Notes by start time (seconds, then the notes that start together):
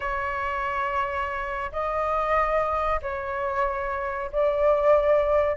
0.00 C#5
1.71 D#5
3.02 C#5
4.32 D5